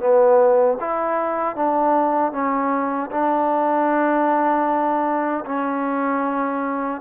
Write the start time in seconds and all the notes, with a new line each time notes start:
0.00 B3
0.80 E4
1.56 D4
2.32 C#4
3.11 D4
5.46 C#4